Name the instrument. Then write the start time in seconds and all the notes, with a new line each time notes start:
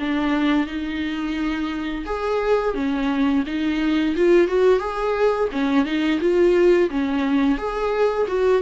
viola
0.00 D4
0.67 D#4
2.06 G#4
2.75 C#4
3.47 D#4
4.16 F4
4.48 F#4
4.80 G#4
5.52 C#4
5.86 D#4
6.21 F4
6.90 C#4
7.58 G#4
8.28 F#4